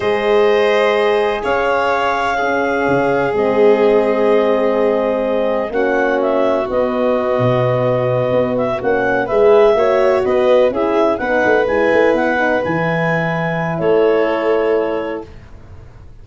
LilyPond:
<<
  \new Staff \with { instrumentName = "clarinet" } { \time 4/4 \tempo 4 = 126 dis''2. f''4~ | f''2. dis''4~ | dis''1 | fis''4 e''4 dis''2~ |
dis''2 e''8 fis''4 e''8~ | e''4. dis''4 e''4 fis''8~ | fis''8 gis''4 fis''4 gis''4.~ | gis''4 cis''2. | }
  \new Staff \with { instrumentName = "violin" } { \time 4/4 c''2. cis''4~ | cis''4 gis'2.~ | gis'1 | fis'1~ |
fis'2.~ fis'8 b'8~ | b'8 cis''4 b'4 gis'4 b'8~ | b'1~ | b'4 a'2. | }
  \new Staff \with { instrumentName = "horn" } { \time 4/4 gis'1~ | gis'4 cis'2 c'4~ | c'1 | cis'2 b2~ |
b2~ b8 cis'4 gis'8~ | gis'8 fis'2 e'4 dis'8~ | dis'8 e'4. dis'8 e'4.~ | e'1 | }
  \new Staff \with { instrumentName = "tuba" } { \time 4/4 gis2. cis'4~ | cis'2 cis4 gis4~ | gis1 | ais2 b4. b,8~ |
b,4. b4 ais4 gis8~ | gis8 ais4 b4 cis'4 b8 | a8 gis8 a8 b4 e4.~ | e4 a2. | }
>>